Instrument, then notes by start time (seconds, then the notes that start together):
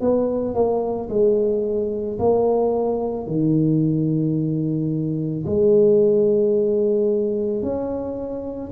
tuba
0.00 B3
0.54 A#3
1.09 G#3
2.18 A#3
3.27 D#3
5.45 G#3
7.62 C#4